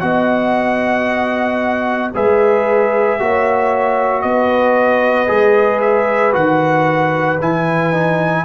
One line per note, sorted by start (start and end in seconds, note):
0.00 2.13 B3
0.00 2.11 F#4
0.00 2.14 D#5
0.00 2.11 F#5
2.14 3.20 G#3
2.14 3.20 G#4
2.14 3.19 B4
2.14 4.22 E5
3.20 4.24 A#3
3.20 5.27 F#4
3.20 4.23 C#5
4.22 5.29 B3
4.22 8.44 B4
4.22 5.80 D#5
5.27 6.35 G#3
5.27 6.32 G#4
5.80 6.33 E5
6.32 7.40 D#3
6.32 7.38 F#4
6.32 7.40 F#5
7.40 8.45 E3
7.40 7.93 E4
7.40 8.45 G#5
7.93 8.45 D#4